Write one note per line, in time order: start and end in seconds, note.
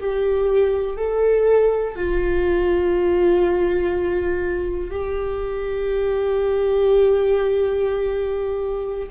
0.00 0.97 G4
0.97 1.95 A4
1.95 4.90 F4
4.91 9.09 G4